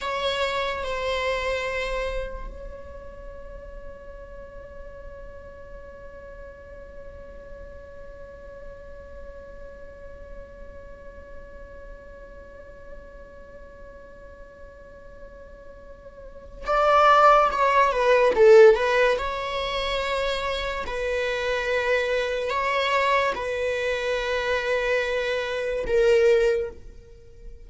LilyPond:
\new Staff \with { instrumentName = "viola" } { \time 4/4 \tempo 4 = 72 cis''4 c''2 cis''4~ | cis''1~ | cis''1~ | cis''1~ |
cis''1 | d''4 cis''8 b'8 a'8 b'8 cis''4~ | cis''4 b'2 cis''4 | b'2. ais'4 | }